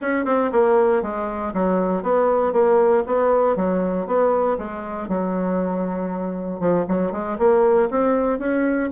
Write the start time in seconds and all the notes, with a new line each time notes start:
0.01 C#4
0.25 C4
0.52 A#3
1.02 G#3
1.53 F#3
2.02 B3
2.52 A#3
3.06 B3
3.56 F#3
4.06 B3
4.58 G#3
5.08 F#3
6.60 F3
6.88 F#3
7.12 G#3
7.38 A#3
7.90 C4
8.39 C#4